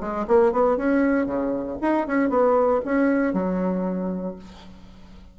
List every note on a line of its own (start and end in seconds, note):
0.00 0.26 G#3
0.27 0.52 A#3
0.52 0.77 B3
0.77 1.26 C#4
1.26 1.78 C#3
1.81 2.07 D#4
2.07 2.30 C#4
2.30 2.81 B3
2.85 3.33 C#4
3.33 4.36 F#3